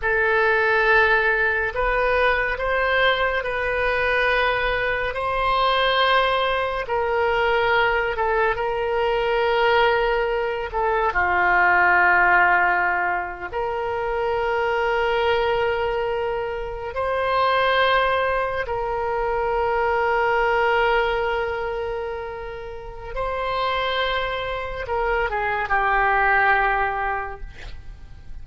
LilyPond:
\new Staff \with { instrumentName = "oboe" } { \time 4/4 \tempo 4 = 70 a'2 b'4 c''4 | b'2 c''2 | ais'4. a'8 ais'2~ | ais'8 a'8 f'2~ f'8. ais'16~ |
ais'2.~ ais'8. c''16~ | c''4.~ c''16 ais'2~ ais'16~ | ais'2. c''4~ | c''4 ais'8 gis'8 g'2 | }